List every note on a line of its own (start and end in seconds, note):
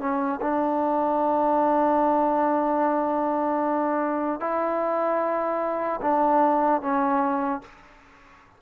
0.00 0.40 C#4
0.42 4.40 D4
4.40 6.00 E4
6.02 6.82 D4
6.82 7.62 C#4